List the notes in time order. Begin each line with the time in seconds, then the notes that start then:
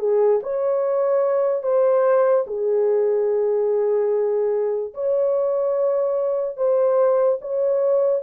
0.00 G#4
0.43 C#5
1.63 C5
2.47 G#4
4.94 C#5
6.57 C5
7.42 C#5